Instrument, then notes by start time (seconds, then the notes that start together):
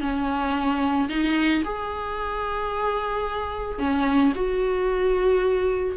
viola
0.00 C#4
1.09 D#4
1.64 G#4
3.78 C#4
4.35 F#4